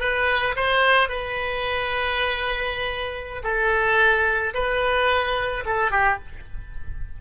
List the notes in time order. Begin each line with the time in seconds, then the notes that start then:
0.00 B4
0.56 C5
1.09 B4
3.43 A4
4.54 B4
5.65 A4
5.91 G4